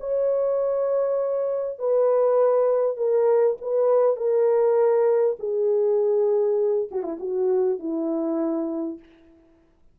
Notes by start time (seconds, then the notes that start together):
0.00 C#5
1.79 B4
2.97 A#4
3.61 B4
4.17 A#4
5.39 G#4
6.92 F#4
7.03 E4
7.20 F#4
7.79 E4